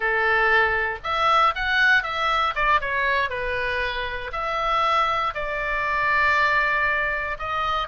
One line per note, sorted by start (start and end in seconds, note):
0.00 0.98 A4
1.03 1.54 E5
1.55 2.03 F#5
2.03 2.54 E5
2.55 2.80 D5
2.80 3.29 C#5
3.29 4.31 B4
4.32 5.34 E5
5.34 7.37 D5
7.38 7.87 D#5